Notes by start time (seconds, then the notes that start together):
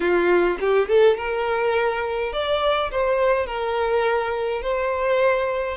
0.00 F4
0.60 G4
0.88 A4
1.17 A#4
2.33 D5
2.91 C5
3.46 A#4
4.62 C5